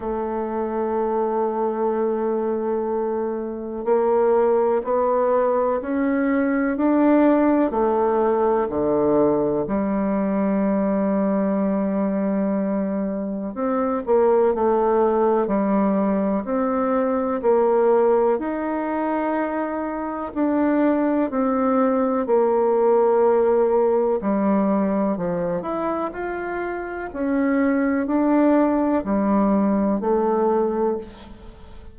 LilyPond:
\new Staff \with { instrumentName = "bassoon" } { \time 4/4 \tempo 4 = 62 a1 | ais4 b4 cis'4 d'4 | a4 d4 g2~ | g2 c'8 ais8 a4 |
g4 c'4 ais4 dis'4~ | dis'4 d'4 c'4 ais4~ | ais4 g4 f8 e'8 f'4 | cis'4 d'4 g4 a4 | }